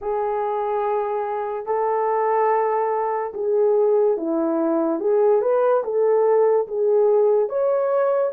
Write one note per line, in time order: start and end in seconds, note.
0.01 1.66 G#4
1.66 3.33 A4
3.34 4.17 G#4
4.17 5.00 E4
5.00 5.41 G#4
5.41 5.83 B4
5.83 6.67 A4
6.67 7.48 G#4
7.48 8.32 C#5